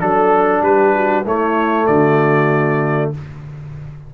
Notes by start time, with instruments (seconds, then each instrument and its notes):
0.00 tuba F#3, trombone D4, trumpet A4, horn A4
0.62 tuba G3, horn G4, trumpet B4
0.94 horn F#4
1.25 tuba A3, trombone A3, horn E4, trumpet C#5
1.87 tuba D3, horn F#4, trumpet D5